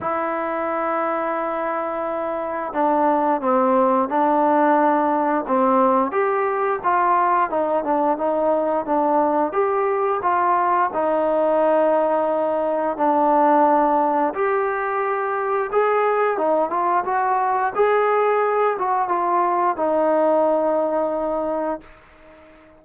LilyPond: \new Staff \with { instrumentName = "trombone" } { \time 4/4 \tempo 4 = 88 e'1 | d'4 c'4 d'2 | c'4 g'4 f'4 dis'8 d'8 | dis'4 d'4 g'4 f'4 |
dis'2. d'4~ | d'4 g'2 gis'4 | dis'8 f'8 fis'4 gis'4. fis'8 | f'4 dis'2. | }